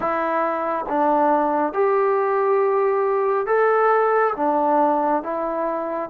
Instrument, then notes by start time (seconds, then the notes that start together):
trombone
0.00 E4
0.88 D4
1.73 G4
3.46 A4
4.36 D4
5.23 E4